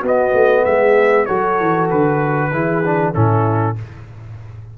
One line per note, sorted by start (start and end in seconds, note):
0.00 0.33 B3
0.00 1.27 B3
0.00 0.62 F#4
0.07 0.64 D#5
0.33 0.64 A3
0.64 1.27 G#3
0.64 1.26 G#4
0.64 1.25 E5
1.25 1.60 F#3
1.25 2.51 F#4
1.25 2.49 A4
1.25 1.87 C#5
1.60 1.91 E3
1.90 2.52 D3
1.90 3.14 B4
2.52 3.14 E3
2.52 2.83 E4
2.52 3.12 G#4
2.84 3.13 D4
3.12 3.77 A2
3.12 3.75 C#4
3.12 3.74 E4
3.12 3.76 A4